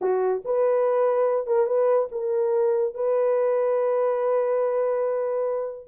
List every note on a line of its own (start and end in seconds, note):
0.01 0.43 F#4
0.44 1.46 B4
1.46 1.66 A#4
1.66 2.08 B4
2.11 2.94 A#4
2.94 5.87 B4